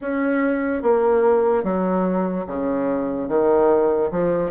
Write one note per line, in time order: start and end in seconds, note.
0.01 0.82 C#4
0.82 1.63 A#3
1.63 2.45 F#3
2.47 3.28 C#3
3.28 4.10 D#3
4.11 4.51 F3